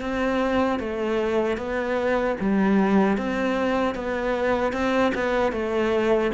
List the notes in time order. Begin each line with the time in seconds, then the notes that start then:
0.00 C4
0.79 A3
1.57 B3
2.40 G3
3.17 C4
3.95 B3
4.72 C4
5.14 B3
5.52 A3